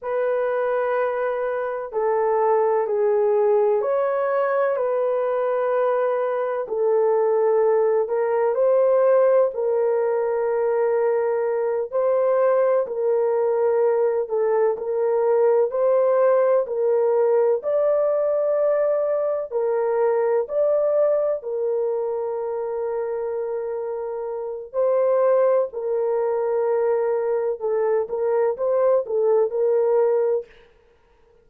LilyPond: \new Staff \with { instrumentName = "horn" } { \time 4/4 \tempo 4 = 63 b'2 a'4 gis'4 | cis''4 b'2 a'4~ | a'8 ais'8 c''4 ais'2~ | ais'8 c''4 ais'4. a'8 ais'8~ |
ais'8 c''4 ais'4 d''4.~ | d''8 ais'4 d''4 ais'4.~ | ais'2 c''4 ais'4~ | ais'4 a'8 ais'8 c''8 a'8 ais'4 | }